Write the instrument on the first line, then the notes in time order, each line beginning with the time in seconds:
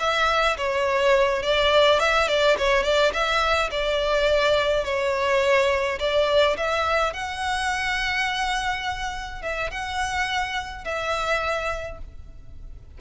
violin
0.00 E5
0.58 C#5
1.43 D5
2.00 E5
2.29 D5
2.59 C#5
2.84 D5
3.14 E5
3.71 D5
4.85 C#5
6.00 D5
6.57 E5
7.14 F#5
9.43 E5
9.71 F#5
10.85 E5